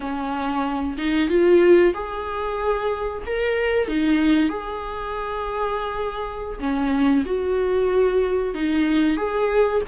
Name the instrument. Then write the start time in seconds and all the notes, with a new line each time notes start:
viola
0.00 C#4
0.97 D#4
1.29 F4
1.94 G#4
3.26 A#4
3.88 D#4
4.49 G#4
6.59 C#4
7.25 F#4
8.54 D#4
9.16 G#4